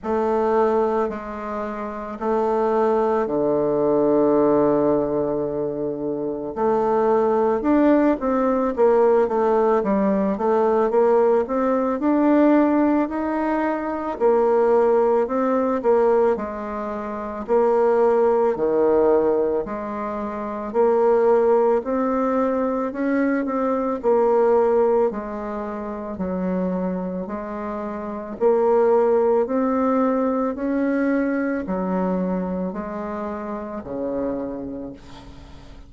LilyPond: \new Staff \with { instrumentName = "bassoon" } { \time 4/4 \tempo 4 = 55 a4 gis4 a4 d4~ | d2 a4 d'8 c'8 | ais8 a8 g8 a8 ais8 c'8 d'4 | dis'4 ais4 c'8 ais8 gis4 |
ais4 dis4 gis4 ais4 | c'4 cis'8 c'8 ais4 gis4 | fis4 gis4 ais4 c'4 | cis'4 fis4 gis4 cis4 | }